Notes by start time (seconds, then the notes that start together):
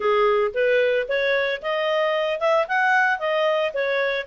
0.00 G#4
0.54 B4
1.08 C#5
1.62 D#5
2.40 E5
2.68 F#5
3.19 D#5
3.73 C#5